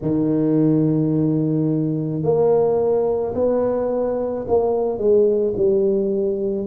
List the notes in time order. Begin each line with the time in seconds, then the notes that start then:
0.01 D#3
2.22 A#3
3.34 B3
4.47 A#3
4.97 G#3
5.56 G3